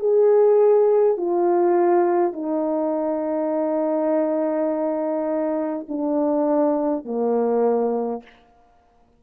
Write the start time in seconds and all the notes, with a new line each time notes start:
0.00 G#4
1.18 F4
2.33 D#4
5.89 D4
7.05 A#3